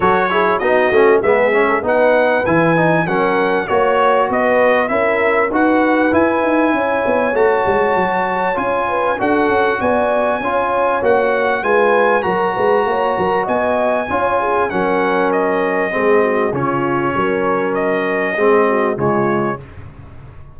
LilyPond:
<<
  \new Staff \with { instrumentName = "trumpet" } { \time 4/4 \tempo 4 = 98 cis''4 dis''4 e''4 fis''4 | gis''4 fis''4 cis''4 dis''4 | e''4 fis''4 gis''2 | a''2 gis''4 fis''4 |
gis''2 fis''4 gis''4 | ais''2 gis''2 | fis''4 dis''2 cis''4~ | cis''4 dis''2 cis''4 | }
  \new Staff \with { instrumentName = "horn" } { \time 4/4 a'8 gis'8 fis'4 gis'8. a'16 b'4~ | b'4 ais'4 cis''4 b'4 | ais'4 b'2 cis''4~ | cis''2~ cis''8 b'8 a'4 |
d''4 cis''2 b'4 | ais'8 b'8 cis''8 ais'8 dis''4 cis''8 gis'8 | ais'2 gis'8 fis'8 f'4 | ais'2 gis'8 fis'8 f'4 | }
  \new Staff \with { instrumentName = "trombone" } { \time 4/4 fis'8 e'8 dis'8 cis'8 b8 cis'8 dis'4 | e'8 dis'8 cis'4 fis'2 | e'4 fis'4 e'2 | fis'2 f'4 fis'4~ |
fis'4 f'4 fis'4 f'4 | fis'2. f'4 | cis'2 c'4 cis'4~ | cis'2 c'4 gis4 | }
  \new Staff \with { instrumentName = "tuba" } { \time 4/4 fis4 b8 a8 gis4 b4 | e4 fis4 ais4 b4 | cis'4 dis'4 e'8 dis'8 cis'8 b8 | a8 gis8 fis4 cis'4 d'8 cis'8 |
b4 cis'4 ais4 gis4 | fis8 gis8 ais8 fis8 b4 cis'4 | fis2 gis4 cis4 | fis2 gis4 cis4 | }
>>